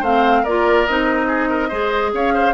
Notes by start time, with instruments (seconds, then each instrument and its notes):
0.00 bassoon A3, clarinet C4, oboe C5, flute F5
0.42 bassoon A#3, clarinet F4, oboe A#4, flute D5
0.86 bassoon C4, clarinet D#4, flute D#5
1.27 oboe G#4
1.49 oboe A#4
1.68 bassoon G#3, clarinet G#4, oboe C5
2.12 bassoon C#4, oboe C#5, flute F5
2.33 oboe C5